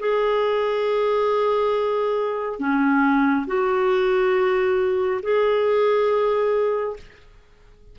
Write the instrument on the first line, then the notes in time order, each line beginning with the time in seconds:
clarinet
0.00 G#4
2.59 C#4
3.47 F#4
5.23 G#4